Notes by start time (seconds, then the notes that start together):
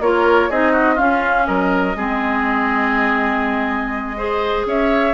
0.00 A#3 F4 A#4 C#5
0.49 C4 D#4 G#4 D#5
0.72 F#4
0.94 C#4 F4 F5
1.46 F#3 A#4 D#5
1.95 G#3 C4 G#4
4.16 G#4 C5
4.65 C#4 C#5 E5